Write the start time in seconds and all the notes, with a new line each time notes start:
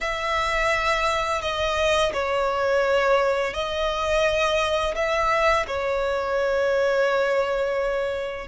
0.00 E5
1.41 D#5
2.13 C#5
3.53 D#5
4.95 E5
5.67 C#5